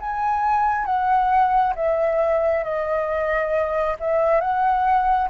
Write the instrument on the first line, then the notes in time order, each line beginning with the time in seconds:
flute
0.00 G#5
0.85 F#5
1.75 E5
2.64 D#5
4.00 E5
4.41 F#5